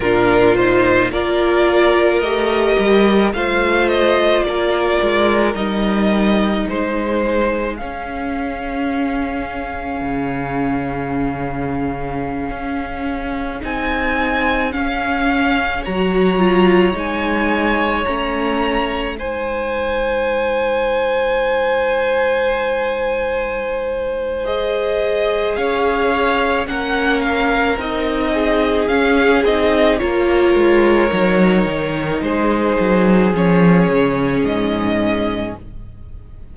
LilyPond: <<
  \new Staff \with { instrumentName = "violin" } { \time 4/4 \tempo 4 = 54 ais'8 c''8 d''4 dis''4 f''8 dis''8 | d''4 dis''4 c''4 f''4~ | f''1~ | f''16 gis''4 f''4 ais''4 gis''8.~ |
gis''16 ais''4 gis''2~ gis''8.~ | gis''2 dis''4 f''4 | fis''8 f''8 dis''4 f''8 dis''8 cis''4~ | cis''4 c''4 cis''4 dis''4 | }
  \new Staff \with { instrumentName = "violin" } { \time 4/4 f'4 ais'2 c''4 | ais'2 gis'2~ | gis'1~ | gis'2~ gis'16 cis''4.~ cis''16~ |
cis''4~ cis''16 c''2~ c''8.~ | c''2. cis''4 | ais'4. gis'4. ais'4~ | ais'4 gis'2. | }
  \new Staff \with { instrumentName = "viola" } { \time 4/4 d'8 dis'8 f'4 g'4 f'4~ | f'4 dis'2 cis'4~ | cis'1~ | cis'16 dis'4 cis'4 fis'8 f'8 dis'8.~ |
dis'16 cis'4 dis'2~ dis'8.~ | dis'2 gis'2 | cis'4 dis'4 cis'8 dis'8 f'4 | dis'2 cis'2 | }
  \new Staff \with { instrumentName = "cello" } { \time 4/4 ais,4 ais4 a8 g8 a4 | ais8 gis8 g4 gis4 cis'4~ | cis'4 cis2~ cis16 cis'8.~ | cis'16 c'4 cis'4 fis4 gis8.~ |
gis16 a4 gis2~ gis8.~ | gis2. cis'4 | ais4 c'4 cis'8 c'8 ais8 gis8 | fis8 dis8 gis8 fis8 f8 cis8 gis,4 | }
>>